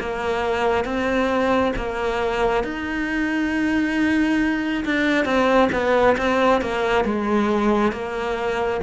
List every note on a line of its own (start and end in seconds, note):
0.00 0.85 A#3
0.85 1.73 C4
1.76 2.64 A#3
2.64 4.84 D#4
4.85 5.25 D4
5.25 5.70 C4
5.72 6.16 B3
6.18 6.61 C4
6.61 7.05 A#3
7.05 7.93 G#3
7.93 8.81 A#3